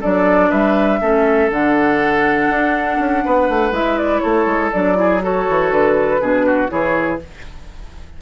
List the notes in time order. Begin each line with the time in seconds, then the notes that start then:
0.00 F#3 D4 A4 D5
0.49 G3 B4 E5
1.01 A3 C#4 A4
1.50 D3 D4 F#5
2.49 D4
2.99 C#4
3.24 B3 B4
3.49 A3
3.71 G#3 E4 E5
3.97 D5
4.19 A3 A4 C#5
4.46 G#3
4.72 F#3 D4 D5
4.95 E4 G#4
5.22 F#4 A4 C#5
5.49 E3
5.71 D3 B4
6.20 B2 D4 G#4
6.46 F#4
6.68 E3 E4 G#4 C#5